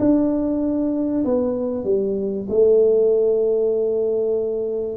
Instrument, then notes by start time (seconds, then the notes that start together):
tuba
0.00 D4
1.26 B3
1.85 G3
2.50 A3